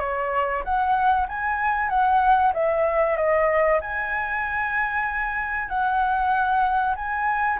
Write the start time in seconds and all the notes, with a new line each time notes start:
0.00 C#5
0.64 F#5
1.29 G#5
1.90 F#5
2.53 E5
3.17 D#5
3.81 G#5
5.69 F#5
6.96 G#5